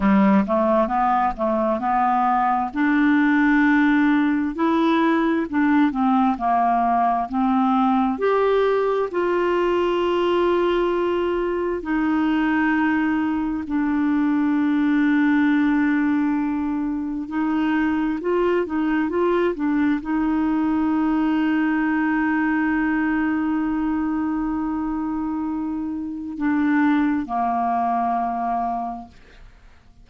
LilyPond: \new Staff \with { instrumentName = "clarinet" } { \time 4/4 \tempo 4 = 66 g8 a8 b8 a8 b4 d'4~ | d'4 e'4 d'8 c'8 ais4 | c'4 g'4 f'2~ | f'4 dis'2 d'4~ |
d'2. dis'4 | f'8 dis'8 f'8 d'8 dis'2~ | dis'1~ | dis'4 d'4 ais2 | }